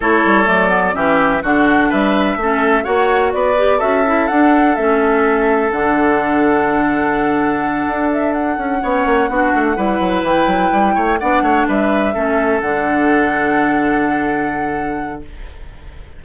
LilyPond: <<
  \new Staff \with { instrumentName = "flute" } { \time 4/4 \tempo 4 = 126 cis''4 d''4 e''4 fis''4 | e''2 fis''4 d''4 | e''4 fis''4 e''2 | fis''1~ |
fis''4 e''8 fis''2~ fis''8~ | fis''4. g''2 fis''8~ | fis''8 e''2 fis''4.~ | fis''1 | }
  \new Staff \with { instrumentName = "oboe" } { \time 4/4 a'2 g'4 fis'4 | b'4 a'4 cis''4 b'4 | a'1~ | a'1~ |
a'2~ a'8 cis''4 fis'8~ | fis'8 b'2~ b'8 cis''8 d''8 | cis''8 b'4 a'2~ a'8~ | a'1 | }
  \new Staff \with { instrumentName = "clarinet" } { \time 4/4 e'4 a8 b8 cis'4 d'4~ | d'4 cis'4 fis'4. g'8 | fis'8 e'8 d'4 cis'2 | d'1~ |
d'2~ d'8 cis'4 d'8~ | d'8 e'2. d'8~ | d'4. cis'4 d'4.~ | d'1 | }
  \new Staff \with { instrumentName = "bassoon" } { \time 4/4 a8 g8 fis4 e4 d4 | g4 a4 ais4 b4 | cis'4 d'4 a2 | d1~ |
d8 d'4. cis'8 b8 ais8 b8 | a8 g8 fis8 e8 fis8 g8 a8 b8 | a8 g4 a4 d4.~ | d1 | }
>>